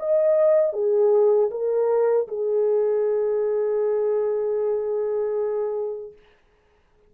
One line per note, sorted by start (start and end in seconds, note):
0.00 0.73 D#5
0.73 1.50 G#4
1.51 2.28 A#4
2.28 6.13 G#4